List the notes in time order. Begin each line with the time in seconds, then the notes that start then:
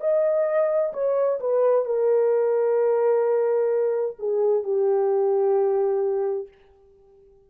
0.00 D#5
0.93 C#5
1.40 B4
1.85 A#4
4.18 G#4
4.63 G4